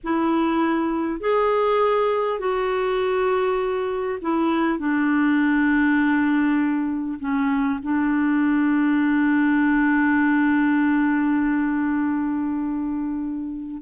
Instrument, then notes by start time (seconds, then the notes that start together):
clarinet
0.03 E4
1.20 G#4
2.39 F#4
4.21 E4
4.78 D4
7.19 C#4
7.82 D4